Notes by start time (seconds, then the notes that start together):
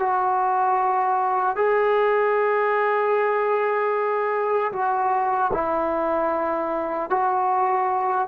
0.00 F#4
1.56 G#4
4.73 F#4
5.53 E4
7.11 F#4